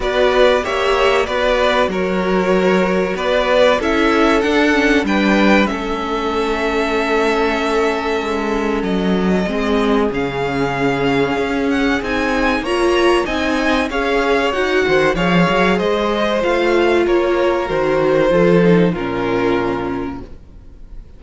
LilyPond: <<
  \new Staff \with { instrumentName = "violin" } { \time 4/4 \tempo 4 = 95 d''4 e''4 d''4 cis''4~ | cis''4 d''4 e''4 fis''4 | g''4 e''2.~ | e''2 dis''2 |
f''2~ f''8 fis''8 gis''4 | ais''4 gis''4 f''4 fis''4 | f''4 dis''4 f''4 cis''4 | c''2 ais'2 | }
  \new Staff \with { instrumentName = "violin" } { \time 4/4 b'4 cis''4 b'4 ais'4~ | ais'4 b'4 a'2 | b'4 a'2.~ | a'2. gis'4~ |
gis'1 | cis''4 dis''4 cis''4. c''8 | cis''4 c''2 ais'4~ | ais'4 a'4 f'2 | }
  \new Staff \with { instrumentName = "viola" } { \time 4/4 fis'4 g'4 fis'2~ | fis'2 e'4 d'8 cis'8 | d'4 cis'2.~ | cis'2. c'4 |
cis'2. dis'4 | f'4 dis'4 gis'4 fis'4 | gis'2 f'2 | fis'4 f'8 dis'8 cis'2 | }
  \new Staff \with { instrumentName = "cello" } { \time 4/4 b4 ais4 b4 fis4~ | fis4 b4 cis'4 d'4 | g4 a2.~ | a4 gis4 fis4 gis4 |
cis2 cis'4 c'4 | ais4 c'4 cis'4 dis'8 dis8 | f8 fis8 gis4 a4 ais4 | dis4 f4 ais,2 | }
>>